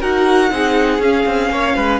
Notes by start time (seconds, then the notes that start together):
0.00 D#4 F#4 A#4 F#5
0.51 C4 D#4 G#4
0.99 C#4 F5
1.26 C4
1.49 A#3 C#5
1.75 G#3 B4